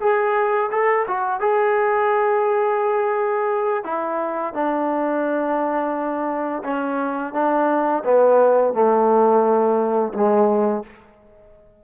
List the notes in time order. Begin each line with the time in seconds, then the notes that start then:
0.00 G#4
0.71 A4
1.08 F#4
1.40 G#4
3.84 E4
4.53 D4
6.64 C#4
7.33 D4
8.04 B3
8.73 A3
10.14 G#3